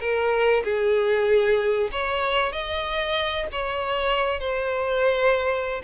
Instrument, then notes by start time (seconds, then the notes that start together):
violin
0.00 A#4
0.64 G#4
1.91 C#5
2.52 D#5
3.52 C#5
4.40 C5